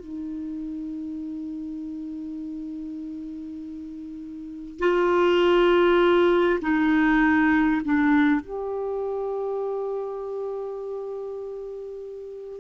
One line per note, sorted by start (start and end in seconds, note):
0.00 4.79 D#4
4.79 6.59 F4
6.62 7.82 D#4
7.85 8.41 D4
8.41 12.61 G4